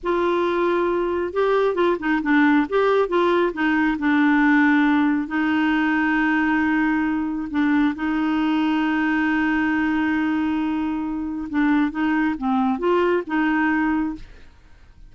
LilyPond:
\new Staff \with { instrumentName = "clarinet" } { \time 4/4 \tempo 4 = 136 f'2. g'4 | f'8 dis'8 d'4 g'4 f'4 | dis'4 d'2. | dis'1~ |
dis'4 d'4 dis'2~ | dis'1~ | dis'2 d'4 dis'4 | c'4 f'4 dis'2 | }